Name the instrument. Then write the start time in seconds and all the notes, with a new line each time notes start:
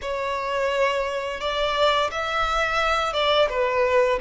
violin
0.01 C#5
1.40 D5
2.11 E5
3.13 D5
3.49 B4